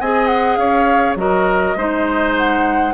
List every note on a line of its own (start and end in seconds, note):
0.00 0.57 C4
0.00 1.17 G#4
0.00 0.59 D#5
0.00 0.27 G#5
0.27 0.56 F#5
0.56 1.16 C#4
0.56 1.18 C#5
0.56 1.14 F5
1.16 1.74 F#3
1.16 1.76 F#4
1.16 1.77 A#4
1.16 2.35 D#5
1.76 2.93 G#3
1.76 2.94 D#4
1.76 2.94 C5
2.37 2.94 F#5